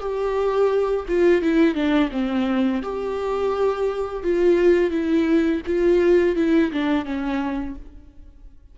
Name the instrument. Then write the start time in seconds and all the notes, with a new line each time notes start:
viola
0.00 G4
1.08 F4
1.42 E4
1.75 D4
2.12 C4
2.83 G4
4.24 F4
4.91 E4
5.66 F4
6.36 E4
6.72 D4
7.05 C#4